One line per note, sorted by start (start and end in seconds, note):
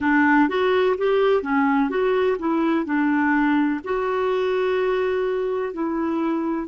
0.00 0.48 D4
0.48 0.96 F#4
0.97 1.42 G4
1.42 1.89 C#4
1.89 2.37 F#4
2.39 2.85 E4
2.85 3.80 D4
3.84 5.73 F#4
5.73 6.67 E4